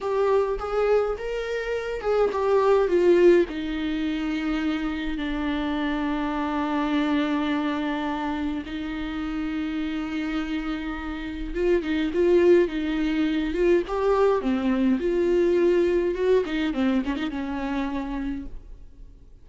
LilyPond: \new Staff \with { instrumentName = "viola" } { \time 4/4 \tempo 4 = 104 g'4 gis'4 ais'4. gis'8 | g'4 f'4 dis'2~ | dis'4 d'2.~ | d'2. dis'4~ |
dis'1 | f'8 dis'8 f'4 dis'4. f'8 | g'4 c'4 f'2 | fis'8 dis'8 c'8 cis'16 dis'16 cis'2 | }